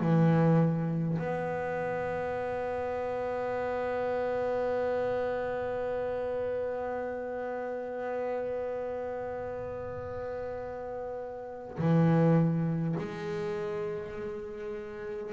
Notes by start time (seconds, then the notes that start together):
0.00 E3
1.18 B3
11.78 E3
12.98 G#3